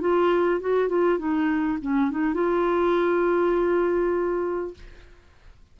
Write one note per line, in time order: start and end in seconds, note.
0.00 0.60 F4
0.60 0.88 F#4
0.88 1.18 F4
1.18 1.78 D#4
1.81 2.11 C#4
2.11 2.34 D#4
2.34 4.74 F4